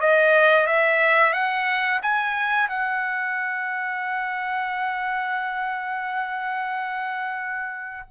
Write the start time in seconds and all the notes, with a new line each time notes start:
0.00 D#5
0.66 E5
1.33 F#5
2.03 G#5
2.69 F#5